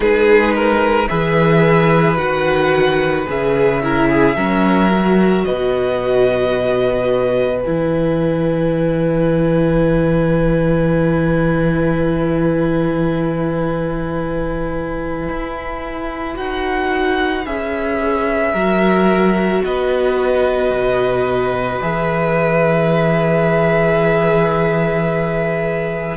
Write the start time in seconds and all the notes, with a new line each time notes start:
0.00 G#3 D#4 G#4 B4
0.54 A#4
1.08 E3 G#4 B4 E5
2.17 D#3 F#4 F#5
3.26 C#3 G#4 E5
3.83 E4 A#4
4.09 G#4
4.36 F#3 C#4 A#4
4.90 F#4
5.44 B2 B4 D#5
7.61 E3 E4 G#5
15.28 E4
16.34 D#4 F#4 F#5
17.45 C#4 G#4 E5
18.52 F#3 F#4 A#4
19.64 B3 B4 D#5
20.70 B2
21.81 E3 G#4 E5